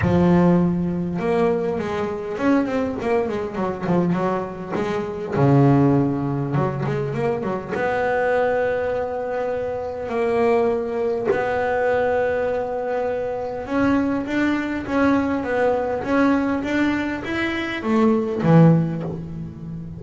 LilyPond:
\new Staff \with { instrumentName = "double bass" } { \time 4/4 \tempo 4 = 101 f2 ais4 gis4 | cis'8 c'8 ais8 gis8 fis8 f8 fis4 | gis4 cis2 fis8 gis8 | ais8 fis8 b2.~ |
b4 ais2 b4~ | b2. cis'4 | d'4 cis'4 b4 cis'4 | d'4 e'4 a4 e4 | }